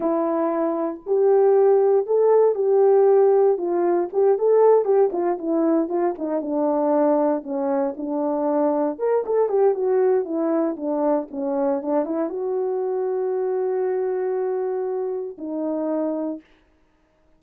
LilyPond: \new Staff \with { instrumentName = "horn" } { \time 4/4 \tempo 4 = 117 e'2 g'2 | a'4 g'2 f'4 | g'8 a'4 g'8 f'8 e'4 f'8 | dis'8 d'2 cis'4 d'8~ |
d'4. ais'8 a'8 g'8 fis'4 | e'4 d'4 cis'4 d'8 e'8 | fis'1~ | fis'2 dis'2 | }